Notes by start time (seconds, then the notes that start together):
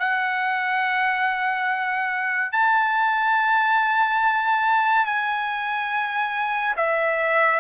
0.00 F#5
2.53 A5
5.06 G#5
6.77 E5